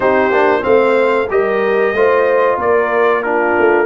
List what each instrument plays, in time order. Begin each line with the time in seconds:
0.00 tuba C4, trombone D#4, horn G4, trumpet C5
0.30 tuba A#3, trombone D4
0.61 tuba A3, trombone C4, horn C5, trumpet F5
1.29 tuba G3, trombone G4, horn A#4, trumpet D#5
1.92 tuba A3, trombone F4, horn C5
2.57 tuba A#3, horn A#4, trumpet D5
3.22 trombone D4, horn F4, trumpet A#4
3.58 tuba A3